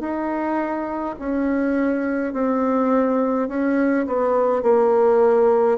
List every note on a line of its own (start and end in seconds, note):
0.00 1.15 D#4
1.20 2.33 C#4
2.33 3.48 C4
3.48 4.06 C#4
4.07 4.63 B3
4.63 5.78 A#3